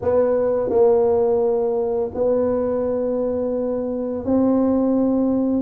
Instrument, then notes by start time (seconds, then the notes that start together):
tuba
0.01 B3
0.69 A#3
2.14 B3
4.24 C4